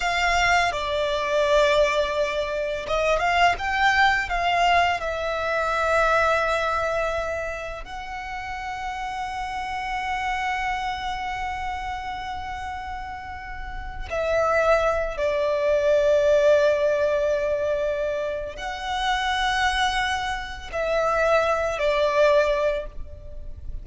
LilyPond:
\new Staff \with { instrumentName = "violin" } { \time 4/4 \tempo 4 = 84 f''4 d''2. | dis''8 f''8 g''4 f''4 e''4~ | e''2. fis''4~ | fis''1~ |
fis''2.~ fis''8. e''16~ | e''4~ e''16 d''2~ d''8.~ | d''2 fis''2~ | fis''4 e''4. d''4. | }